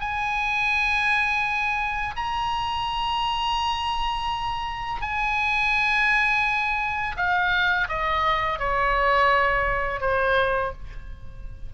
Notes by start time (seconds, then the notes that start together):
0.00 G#5
2.16 A#5
5.01 G#5
7.16 F5
7.88 D#5
8.58 C#5
10.00 C5